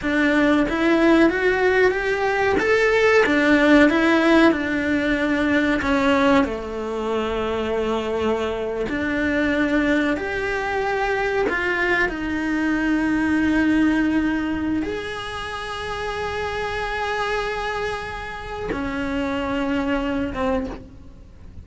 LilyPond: \new Staff \with { instrumentName = "cello" } { \time 4/4 \tempo 4 = 93 d'4 e'4 fis'4 g'4 | a'4 d'4 e'4 d'4~ | d'4 cis'4 a2~ | a4.~ a16 d'2 g'16~ |
g'4.~ g'16 f'4 dis'4~ dis'16~ | dis'2. gis'4~ | gis'1~ | gis'4 cis'2~ cis'8 c'8 | }